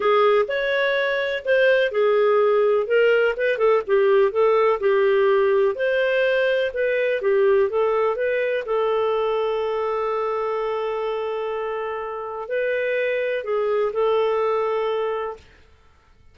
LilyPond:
\new Staff \with { instrumentName = "clarinet" } { \time 4/4 \tempo 4 = 125 gis'4 cis''2 c''4 | gis'2 ais'4 b'8 a'8 | g'4 a'4 g'2 | c''2 b'4 g'4 |
a'4 b'4 a'2~ | a'1~ | a'2 b'2 | gis'4 a'2. | }